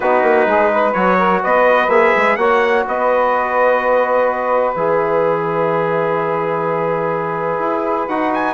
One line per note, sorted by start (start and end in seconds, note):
0.00 0.22 B3
0.00 0.94 D#4
0.00 0.47 F#4
0.00 0.93 B4
0.22 0.45 A#3
0.45 0.93 G#3
0.45 0.71 G#4
0.72 1.18 B4
0.93 1.42 F#3
0.93 1.89 F#4
0.93 1.40 C#5
1.18 1.41 A#4
1.42 1.88 B3
1.42 2.37 B4
1.42 1.89 D#5
1.88 2.11 A#3
1.88 2.38 G#4
1.88 2.36 E5
2.17 2.36 G#3
2.36 2.84 A#3
2.36 4.76 F#4
2.36 2.85 C#5
2.36 2.84 F#5
2.87 4.75 B3
2.87 8.54 B4
2.87 4.74 D#5
4.74 7.59 E3
4.74 8.09 G#4
4.74 8.08 E5
7.59 8.06 E4
8.08 8.54 D#4
8.08 8.54 F#4
8.08 8.31 F#5
8.33 8.54 G#5